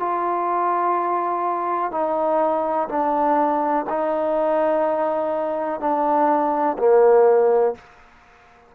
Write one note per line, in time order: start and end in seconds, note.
0.00 1.92 F4
1.92 2.89 D#4
2.89 3.86 D4
3.90 5.81 D#4
5.81 6.77 D4
6.79 7.76 A#3